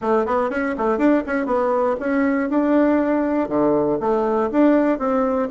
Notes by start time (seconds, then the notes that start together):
0.01 A3
0.26 B3
0.50 C#4
0.77 A3
0.98 D4
1.26 C#4
1.46 B3
1.99 C#4
2.49 D4
3.48 D3
4.00 A3
4.51 D4
4.98 C4